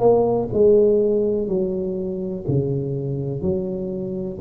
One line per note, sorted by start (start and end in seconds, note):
0.00 0.48 A#3
0.53 1.48 G#3
1.48 2.45 F#3
2.48 3.42 C#3
3.42 4.39 F#3